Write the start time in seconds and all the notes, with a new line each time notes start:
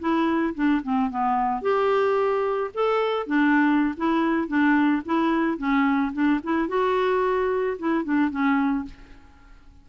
0.00 E4
0.55 D4
0.83 C4
1.10 B3
1.62 G4
2.74 A4
3.27 D4
3.97 E4
4.48 D4
5.06 E4
5.58 C#4
6.13 D4
6.44 E4
6.69 F#4
7.79 E4
8.04 D4
8.31 C#4